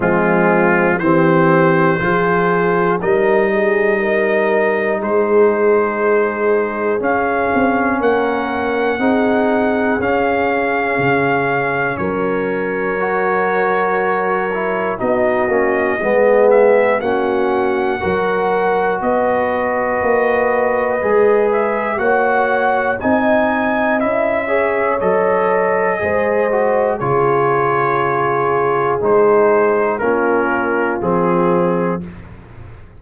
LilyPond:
<<
  \new Staff \with { instrumentName = "trumpet" } { \time 4/4 \tempo 4 = 60 f'4 c''2 dis''4~ | dis''4 c''2 f''4 | fis''2 f''2 | cis''2. dis''4~ |
dis''8 e''8 fis''2 dis''4~ | dis''4. e''8 fis''4 gis''4 | e''4 dis''2 cis''4~ | cis''4 c''4 ais'4 gis'4 | }
  \new Staff \with { instrumentName = "horn" } { \time 4/4 c'4 g'4 gis'4 ais'8 gis'8 | ais'4 gis'2. | ais'4 gis'2. | ais'2. fis'4 |
gis'4 fis'4 ais'4 b'4~ | b'2 cis''4 dis''4~ | dis''8 cis''4. c''4 gis'4~ | gis'2 f'2 | }
  \new Staff \with { instrumentName = "trombone" } { \time 4/4 gis4 c'4 f'4 dis'4~ | dis'2. cis'4~ | cis'4 dis'4 cis'2~ | cis'4 fis'4. e'8 dis'8 cis'8 |
b4 cis'4 fis'2~ | fis'4 gis'4 fis'4 dis'4 | e'8 gis'8 a'4 gis'8 fis'8 f'4~ | f'4 dis'4 cis'4 c'4 | }
  \new Staff \with { instrumentName = "tuba" } { \time 4/4 f4 e4 f4 g4~ | g4 gis2 cis'8 c'8 | ais4 c'4 cis'4 cis4 | fis2. b8 ais8 |
gis4 ais4 fis4 b4 | ais4 gis4 ais4 c'4 | cis'4 fis4 gis4 cis4~ | cis4 gis4 ais4 f4 | }
>>